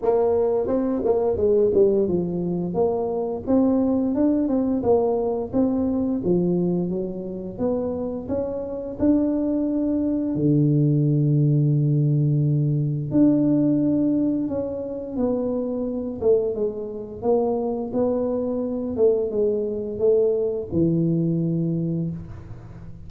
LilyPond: \new Staff \with { instrumentName = "tuba" } { \time 4/4 \tempo 4 = 87 ais4 c'8 ais8 gis8 g8 f4 | ais4 c'4 d'8 c'8 ais4 | c'4 f4 fis4 b4 | cis'4 d'2 d4~ |
d2. d'4~ | d'4 cis'4 b4. a8 | gis4 ais4 b4. a8 | gis4 a4 e2 | }